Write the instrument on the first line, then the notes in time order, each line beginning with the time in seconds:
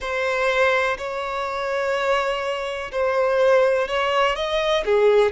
violin
0.00 C5
0.97 C#5
2.91 C5
3.88 C#5
4.35 D#5
4.85 G#4